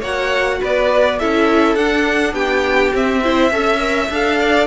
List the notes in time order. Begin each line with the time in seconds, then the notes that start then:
0.00 A#3 F#4 C#5 F#5
0.61 B3 B4 D5
1.19 C#4 E4 A4 E5
1.75 D4 F#5
2.33 B3 G4 G5
2.93 C4 E5
3.23 E4 C5
3.51 C#4 A4 E5
3.79 A#4
4.10 D4 A4 F5
4.40 D5